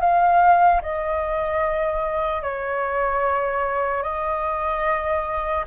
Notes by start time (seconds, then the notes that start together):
0.00 F5
0.82 D#5
2.43 C#5
4.03 D#5